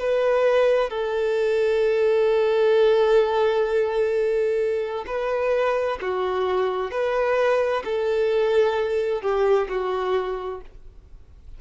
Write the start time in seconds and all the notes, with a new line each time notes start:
0.00 B4
0.90 A4
5.07 B4
6.02 F#4
6.91 B4
7.85 A4
9.22 G4
9.69 F#4